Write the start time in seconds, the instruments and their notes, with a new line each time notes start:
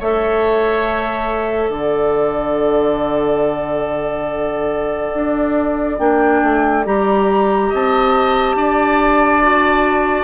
0.00 bassoon A3, clarinet A4, oboe C#5, flute E5
1.70 bassoon D3, oboe D5, flute F#5
5.14 bassoon D4
5.99 bassoon A#3, clarinet D4, flute G5
6.43 bassoon A3
6.85 bassoon G3, clarinet G4, flute A#5
7.70 bassoon C4, oboe D#5, flute A5
8.56 bassoon D4, oboe D5
9.42 clarinet F#4